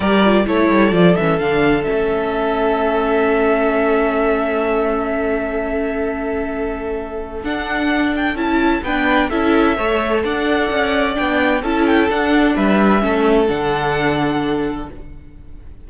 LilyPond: <<
  \new Staff \with { instrumentName = "violin" } { \time 4/4 \tempo 4 = 129 d''4 cis''4 d''8 e''8 f''4 | e''1~ | e''1~ | e''1 |
fis''4. g''8 a''4 g''4 | e''2 fis''2 | g''4 a''8 g''8 fis''4 e''4~ | e''4 fis''2. | }
  \new Staff \with { instrumentName = "violin" } { \time 4/4 ais'4 a'2.~ | a'1~ | a'1~ | a'1~ |
a'2. b'4 | a'4 cis''4 d''2~ | d''4 a'2 b'4 | a'1 | }
  \new Staff \with { instrumentName = "viola" } { \time 4/4 g'8 f'8 e'4 f'8 cis'8 d'4 | cis'1~ | cis'1~ | cis'1 |
d'2 e'4 d'4 | e'4 a'2. | d'4 e'4 d'2 | cis'4 d'2. | }
  \new Staff \with { instrumentName = "cello" } { \time 4/4 g4 a8 g8 f8 e8 d4 | a1~ | a1~ | a1 |
d'2 cis'4 b4 | cis'4 a4 d'4 cis'4 | b4 cis'4 d'4 g4 | a4 d2. | }
>>